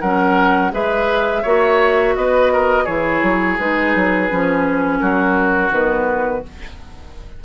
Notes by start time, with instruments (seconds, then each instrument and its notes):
0.00 bassoon F#3, clarinet C#4, oboe A#4, flute F#5
0.71 bassoon G#3, clarinet G#4, oboe B4, flute E5
1.42 bassoon A#3, clarinet F#4, oboe C#5
2.16 bassoon B3, oboe B4, flute D#5
2.53 oboe A#4
2.84 bassoon E3, clarinet E4, oboe G#4, flute C#5
3.22 bassoon F#3
3.59 bassoon G#3, clarinet D#4, flute B4
3.95 bassoon F#3
4.29 bassoon F3, clarinet C#4
4.99 bassoon F#3, oboe F#4, flute A#4
5.71 bassoon D#3, clarinet B3, flute B4